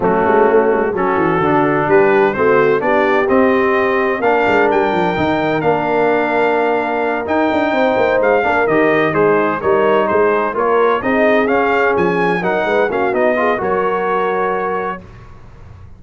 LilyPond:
<<
  \new Staff \with { instrumentName = "trumpet" } { \time 4/4 \tempo 4 = 128 fis'2 a'2 | b'4 c''4 d''4 dis''4~ | dis''4 f''4 g''2 | f''2.~ f''8 g''8~ |
g''4. f''4 dis''4 c''8~ | c''8 cis''4 c''4 cis''4 dis''8~ | dis''8 f''4 gis''4 fis''4 f''8 | dis''4 cis''2. | }
  \new Staff \with { instrumentName = "horn" } { \time 4/4 cis'2 fis'2 | g'4 fis'4 g'2~ | g'4 ais'2.~ | ais'1~ |
ais'8 c''4. ais'4. dis'8~ | dis'8 ais'4 gis'4 ais'4 gis'8~ | gis'2~ gis'8 ais'8 b'8 fis'8~ | fis'8 gis'8 ais'2. | }
  \new Staff \with { instrumentName = "trombone" } { \time 4/4 a2 cis'4 d'4~ | d'4 c'4 d'4 c'4~ | c'4 d'2 dis'4 | d'2.~ d'8 dis'8~ |
dis'2 d'8 g'4 gis'8~ | gis'8 dis'2 f'4 dis'8~ | dis'8 cis'2 dis'4 cis'8 | dis'8 f'8 fis'2. | }
  \new Staff \with { instrumentName = "tuba" } { \time 4/4 fis8 gis8 a8 gis8 fis8 e8 d4 | g4 a4 b4 c'4~ | c'4 ais8 gis8 g8 f8 dis4 | ais2.~ ais8 dis'8 |
d'8 c'8 ais8 gis8 ais8 dis4 gis8~ | gis8 g4 gis4 ais4 c'8~ | c'8 cis'4 f4 fis8 gis8 ais8 | b4 fis2. | }
>>